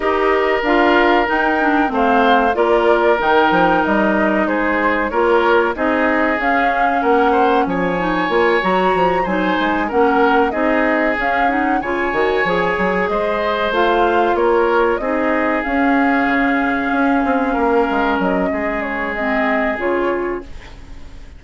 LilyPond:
<<
  \new Staff \with { instrumentName = "flute" } { \time 4/4 \tempo 4 = 94 dis''4 f''4 g''4 f''4 | d''4 g''4 dis''4 c''4 | cis''4 dis''4 f''4 fis''4 | gis''4. ais''4 gis''4 fis''8~ |
fis''8 dis''4 f''8 fis''8 gis''4.~ | gis''8 dis''4 f''4 cis''4 dis''8~ | dis''8 f''2.~ f''8~ | f''8 dis''4 cis''8 dis''4 cis''4 | }
  \new Staff \with { instrumentName = "oboe" } { \time 4/4 ais'2. c''4 | ais'2. gis'4 | ais'4 gis'2 ais'8 c''8 | cis''2~ cis''8 c''4 ais'8~ |
ais'8 gis'2 cis''4.~ | cis''8 c''2 ais'4 gis'8~ | gis'2.~ gis'8 ais'8~ | ais'4 gis'2. | }
  \new Staff \with { instrumentName = "clarinet" } { \time 4/4 g'4 f'4 dis'8 d'8 c'4 | f'4 dis'2. | f'4 dis'4 cis'2~ | cis'8 dis'8 f'8 fis'4 dis'4 cis'8~ |
cis'8 dis'4 cis'8 dis'8 f'8 fis'8 gis'8~ | gis'4. f'2 dis'8~ | dis'8 cis'2.~ cis'8~ | cis'2 c'4 f'4 | }
  \new Staff \with { instrumentName = "bassoon" } { \time 4/4 dis'4 d'4 dis'4 a4 | ais4 dis8 f8 g4 gis4 | ais4 c'4 cis'4 ais4 | f4 ais8 fis8 f8 fis8 gis8 ais8~ |
ais8 c'4 cis'4 cis8 dis8 f8 | fis8 gis4 a4 ais4 c'8~ | c'8 cis'4 cis4 cis'8 c'8 ais8 | gis8 fis8 gis2 cis4 | }
>>